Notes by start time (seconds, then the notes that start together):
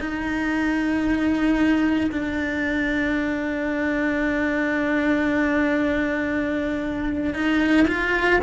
0.00 D#4
2.11 D4
7.34 D#4
7.88 F4